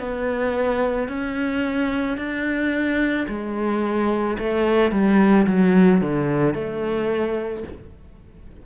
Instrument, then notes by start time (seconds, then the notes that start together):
cello
0.00 B3
1.09 C#4
2.18 D4
3.29 G#3
4.39 A3
4.92 G3
5.47 F#3
6.01 D3
6.55 A3